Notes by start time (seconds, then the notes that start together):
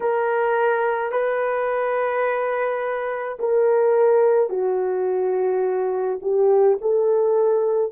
0.00 A#4
1.11 B4
3.39 A#4
4.49 F#4
6.22 G4
6.81 A4